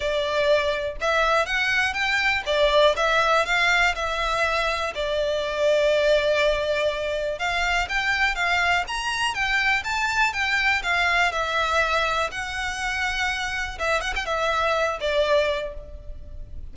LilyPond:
\new Staff \with { instrumentName = "violin" } { \time 4/4 \tempo 4 = 122 d''2 e''4 fis''4 | g''4 d''4 e''4 f''4 | e''2 d''2~ | d''2. f''4 |
g''4 f''4 ais''4 g''4 | a''4 g''4 f''4 e''4~ | e''4 fis''2. | e''8 fis''16 g''16 e''4. d''4. | }